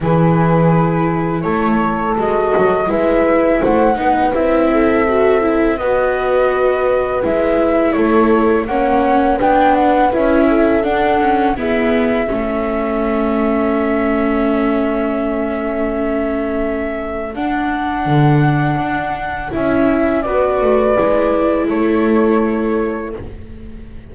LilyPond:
<<
  \new Staff \with { instrumentName = "flute" } { \time 4/4 \tempo 4 = 83 b'2 cis''4 dis''4 | e''4 fis''4 e''2 | dis''2 e''4 cis''4 | fis''4 g''8 fis''8 e''4 fis''4 |
e''1~ | e''1 | fis''2. e''4 | d''2 cis''2 | }
  \new Staff \with { instrumentName = "horn" } { \time 4/4 gis'2 a'2 | b'4 c''8 b'4 a'4. | b'2. a'4 | cis''4 b'4. a'4. |
gis'4 a'2.~ | a'1~ | a'1 | b'2 a'2 | }
  \new Staff \with { instrumentName = "viola" } { \time 4/4 e'2. fis'4 | e'4. dis'8 e'4 fis'8 e'8 | fis'2 e'2 | cis'4 d'4 e'4 d'8 cis'8 |
b4 cis'2.~ | cis'1 | d'2. e'4 | fis'4 e'2. | }
  \new Staff \with { instrumentName = "double bass" } { \time 4/4 e2 a4 gis8 fis8 | gis4 a8 b8 c'2 | b2 gis4 a4 | ais4 b4 cis'4 d'4 |
e'4 a2.~ | a1 | d'4 d4 d'4 cis'4 | b8 a8 gis4 a2 | }
>>